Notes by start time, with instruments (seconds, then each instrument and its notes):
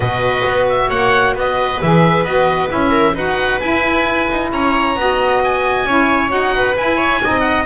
0.00 double bass B2, saxophone F#4, viola B4, oboe D#5
0.44 double bass B3
0.69 oboe E5
0.89 double bass A#3, viola C#5, oboe F#5
1.34 double bass B3, viola B4, oboe D#5
1.81 double bass E3, saxophone G#4, oboe E5
2.24 double bass B3, saxophone F#4, oboe D#5
2.68 double bass C#4, saxophone E4, oboe E5
2.90 viola A#4
3.14 double bass D#4, saxophone F#4, viola B4, oboe F#5
3.60 saxophone E4, double bass E4, oboe G#5
4.30 double bass D#4
4.52 double bass C#4, viola C#5, oboe A#5
4.95 double bass B3, saxophone F#4, viola D#5
5.44 oboe G#5
5.84 double bass C#4, saxophone E4, viola C#5
6.28 double bass D#4, saxophone F#4, oboe F#5
6.54 viola B4
6.76 saxophone E4, double bass E4, oboe G#5
6.97 viola C#5
7.21 double bass C4, saxophone D#4, viola D#5
7.40 oboe F#5